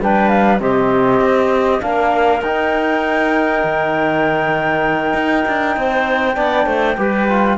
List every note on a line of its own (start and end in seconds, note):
0.00 0.60 G3
0.00 0.60 D4
0.00 0.61 B4
0.00 0.29 G5
0.29 0.59 F5
0.60 1.20 C3
0.60 1.80 C4
0.60 1.83 G4
0.60 1.81 D#5
1.20 1.81 C4
1.80 2.42 A#3
1.80 2.41 D4
1.80 5.78 A#4
1.80 2.42 F5
2.42 3.63 D#4
2.42 6.35 D#4
2.42 7.58 G5
3.64 5.14 D#3
5.14 5.44 D#4
5.48 5.76 D4
5.76 6.37 C4
5.76 6.37 C5
6.35 6.66 B3
6.35 6.96 D4
6.35 6.66 D5
6.66 6.97 A3
6.66 6.96 C5
6.98 7.58 G3
6.98 7.28 G4
6.98 7.58 B4
7.29 7.58 F4